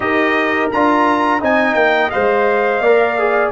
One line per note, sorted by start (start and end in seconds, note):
0.00 0.68 D#4
0.00 0.70 G4
0.00 1.41 A#4
0.00 0.69 D#5
0.71 1.41 D4
0.71 1.40 F4
0.71 1.42 A#5
1.40 1.75 C4
1.40 2.11 D#4
1.40 2.81 D#5
1.40 1.74 G#5
1.74 2.10 A#3
1.74 2.09 G5
2.10 2.80 G#3
2.10 2.83 C5
2.10 3.51 F5
2.80 3.50 A#3
2.80 3.18 A#4
2.80 3.52 D5
3.18 3.52 G#4